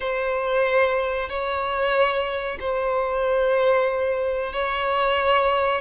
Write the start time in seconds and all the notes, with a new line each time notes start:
0.00 C5
1.29 C#5
2.60 C5
4.52 C#5